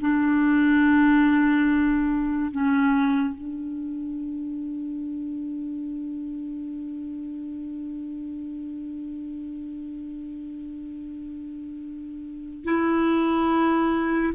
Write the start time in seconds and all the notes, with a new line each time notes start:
0.00 D4
2.51 C#4
3.35 D4
12.64 E4